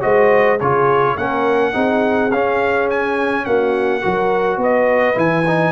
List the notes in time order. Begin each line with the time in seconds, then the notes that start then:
0.00 G#3 F#4 C5 D#5
0.59 C#3 F4 G#4 C#5
1.14 A#3 C#4 A#4 F#5
1.73 C4 D#4 G#4
2.31 C#4 F5
2.90 G#5
3.45 A#3 F#4 F#5
4.00 F#3 F#4 A#4
4.57 B3 B4 D#5
5.14 E3 E4 G#5
5.47 D#4